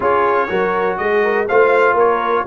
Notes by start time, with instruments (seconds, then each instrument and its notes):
0.00 tuba C#4, trombone F4, horn G#4, trumpet C#5
0.48 tuba F#3, trombone F#4, horn A#4
0.97 tuba G#3, horn G#4, trumpet D#5
1.23 horn A#4
1.48 tuba A3, trombone F4, horn C5, trumpet F5
1.93 tuba A#3, horn A#4, trumpet C#5